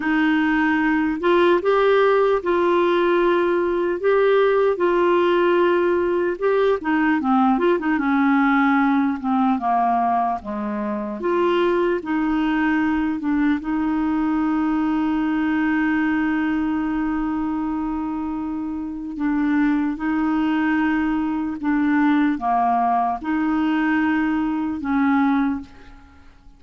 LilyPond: \new Staff \with { instrumentName = "clarinet" } { \time 4/4 \tempo 4 = 75 dis'4. f'8 g'4 f'4~ | f'4 g'4 f'2 | g'8 dis'8 c'8 f'16 dis'16 cis'4. c'8 | ais4 gis4 f'4 dis'4~ |
dis'8 d'8 dis'2.~ | dis'1 | d'4 dis'2 d'4 | ais4 dis'2 cis'4 | }